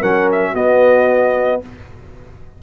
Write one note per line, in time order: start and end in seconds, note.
0.00 0.54 F#3
0.00 0.54 C#4
0.00 0.52 A#4
0.00 0.29 F#5
0.31 0.55 E5
0.52 1.61 B3
0.52 1.59 F#4
0.52 1.62 D#5